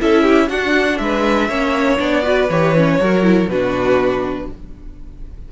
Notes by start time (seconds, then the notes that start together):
0.00 C#4 E4 A4 E5
0.23 G4
0.49 D4 F#4 F#5
0.98 G#3 B4 E5
1.49 A#3 C#4 C#5
1.98 B3 D4 D5
2.23 F#4 B4
2.50 E3 G4 C#5
2.76 C#4
3.00 F#3 F#4 A#4
3.23 E4
3.49 B2 D4 F#4 B4